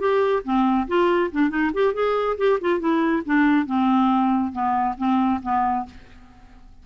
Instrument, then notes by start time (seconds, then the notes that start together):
clarinet
0.00 G4
0.45 C4
0.88 F4
1.32 D4
1.50 D#4
1.74 G4
1.94 G#4
2.38 G4
2.61 F4
2.80 E4
3.26 D4
3.67 C4
4.53 B3
4.98 C4
5.43 B3